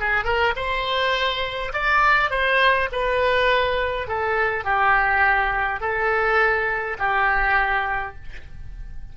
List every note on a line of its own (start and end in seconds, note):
0.00 0.24 G#4
0.24 0.53 A#4
0.56 1.72 C5
1.73 2.30 D5
2.30 2.88 C5
2.92 4.07 B4
4.07 4.64 A4
4.64 5.80 G4
5.80 6.97 A4
6.98 8.15 G4